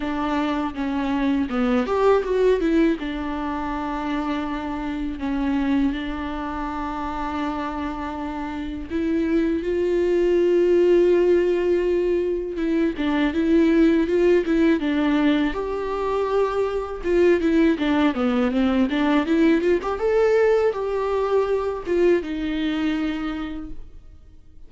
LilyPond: \new Staff \with { instrumentName = "viola" } { \time 4/4 \tempo 4 = 81 d'4 cis'4 b8 g'8 fis'8 e'8 | d'2. cis'4 | d'1 | e'4 f'2.~ |
f'4 e'8 d'8 e'4 f'8 e'8 | d'4 g'2 f'8 e'8 | d'8 b8 c'8 d'8 e'8 f'16 g'16 a'4 | g'4. f'8 dis'2 | }